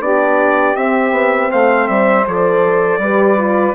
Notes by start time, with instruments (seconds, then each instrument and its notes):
0.00 bassoon B3, horn D4, saxophone G4, trumpet D5
0.76 bassoon C4, horn C4, trumpet E5
1.11 bassoon B3
1.50 bassoon A3, saxophone C5, trumpet F5
1.88 bassoon G3, trumpet E5
2.27 bassoon F3, horn A4, trumpet D5
2.98 bassoon G3, horn G4, saxophone B4
3.38 horn F4